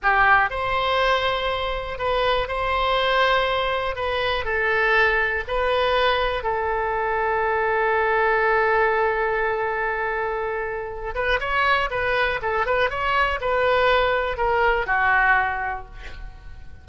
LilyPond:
\new Staff \with { instrumentName = "oboe" } { \time 4/4 \tempo 4 = 121 g'4 c''2. | b'4 c''2. | b'4 a'2 b'4~ | b'4 a'2.~ |
a'1~ | a'2~ a'8 b'8 cis''4 | b'4 a'8 b'8 cis''4 b'4~ | b'4 ais'4 fis'2 | }